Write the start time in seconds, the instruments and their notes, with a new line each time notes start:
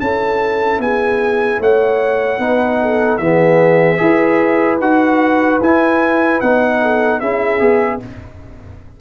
0.00 tuba C#4, trombone E4, horn A4, trumpet A5
0.79 tuba B3, horn G#4, trumpet G#5
1.60 tuba A3, horn C#5, trumpet F#5
2.39 tuba B3, trombone D#4, horn B4
2.82 horn A4
3.18 tuba E3, trombone B3, horn G#4, trumpet E5
3.98 tuba E4, trombone G#4, horn B4
4.80 tuba D#4, trombone F#4, trumpet F#5
5.61 tuba E4, trombone E4, trumpet G#5
6.40 tuba B3, trombone D#4, trumpet F#5
6.82 horn A4
7.20 tuba C#4, trombone E4, horn G#4, trumpet E5
7.60 tuba B3, trombone G#4